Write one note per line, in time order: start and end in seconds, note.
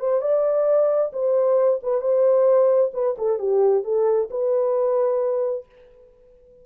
0.00 0.22 C5
0.22 1.12 D5
1.13 1.81 C5
1.83 2.02 B4
2.02 2.92 C5
2.94 3.17 B4
3.18 3.39 A4
3.39 3.84 G4
3.85 4.30 A4
4.31 5.66 B4